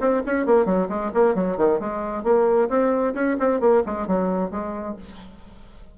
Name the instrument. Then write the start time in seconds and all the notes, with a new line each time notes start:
bassoon
0.00 C4
0.26 C#4
0.46 A#3
0.65 F#3
0.89 G#3
1.14 A#3
1.35 F#3
1.57 D#3
1.80 G#3
2.24 A#3
2.69 C4
3.14 C#4
3.40 C4
3.60 A#3
3.86 G#3
4.07 F#3
4.51 G#3